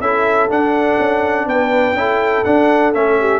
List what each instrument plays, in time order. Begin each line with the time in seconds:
0.00 tuba C#4, trombone E4, horn A4, trumpet E5
0.49 trombone D4, tuba D4, trumpet F#5
0.99 tuba C#4
1.45 tuba B3, horn B4, trumpet G5
1.93 tuba C#4, trombone E4, horn A4
2.44 trombone D4, tuba D4, trumpet F#5
2.93 tuba A3, trombone C#4, trumpet E5
3.20 horn G4